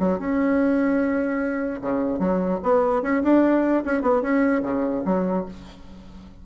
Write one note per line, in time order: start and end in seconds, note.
0.00 0.19 F#3
0.19 1.81 C#4
1.82 2.19 C#3
2.19 2.60 F#3
2.64 3.03 B3
3.03 3.23 C#4
3.23 3.84 D4
3.86 4.02 C#4
4.02 4.22 B3
4.22 4.63 C#4
4.63 5.03 C#3
5.05 5.46 F#3